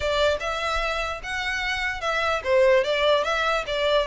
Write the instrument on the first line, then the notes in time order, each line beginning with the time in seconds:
violin
0.00 D5
0.40 E5
1.23 F#5
2.00 E5
2.44 C5
2.84 D5
3.24 E5
3.66 D5